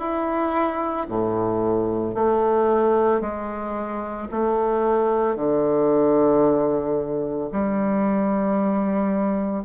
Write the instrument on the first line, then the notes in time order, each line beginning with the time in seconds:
bassoon
0.00 E4
1.09 A2
2.15 A3
3.21 G#3
4.31 A3
5.36 D3
7.52 G3